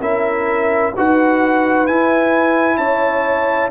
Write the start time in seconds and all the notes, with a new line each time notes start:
0.00 C#4 E4 A#4 E5
0.96 D#4 F#4 B4 F#5
1.87 E4 G#5
2.77 C#4 C#5 A5